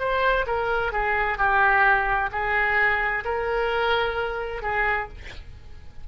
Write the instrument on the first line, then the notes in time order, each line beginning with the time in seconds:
oboe
0.00 C5
0.47 A#4
0.93 G#4
1.38 G4
2.32 G#4
3.25 A#4
4.62 G#4